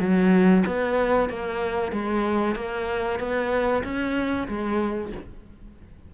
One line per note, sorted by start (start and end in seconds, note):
0.00 0.64 F#3
0.66 1.29 B3
1.29 1.92 A#3
1.92 2.56 G#3
2.56 3.19 A#3
3.19 3.83 B3
3.84 4.48 C#4
4.48 5.12 G#3